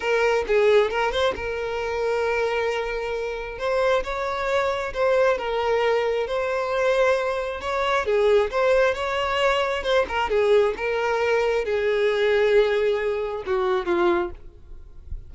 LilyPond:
\new Staff \with { instrumentName = "violin" } { \time 4/4 \tempo 4 = 134 ais'4 gis'4 ais'8 c''8 ais'4~ | ais'1 | c''4 cis''2 c''4 | ais'2 c''2~ |
c''4 cis''4 gis'4 c''4 | cis''2 c''8 ais'8 gis'4 | ais'2 gis'2~ | gis'2 fis'4 f'4 | }